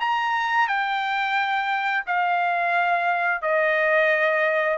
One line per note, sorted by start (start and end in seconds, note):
0.00 0.67 A#5
0.67 2.04 G5
2.06 3.41 F5
3.41 4.78 D#5